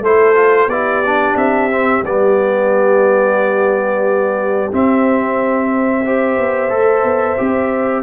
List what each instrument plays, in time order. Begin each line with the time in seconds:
0.00 tuba A3, trombone E4, horn A4, trumpet C5
0.35 trombone F4
0.67 tuba B3, trombone E4, horn G4, trumpet D5
1.06 trombone D4
1.35 tuba C4, trumpet E5
1.71 trombone C4
2.02 tuba G3, trombone B3, trumpet D5
4.71 trombone C4, tuba C4, trumpet E5
6.04 trombone G4, horn C5
6.38 tuba B3
6.69 tuba A3, trombone A4
7.03 tuba B3
7.37 tuba C4, trombone G4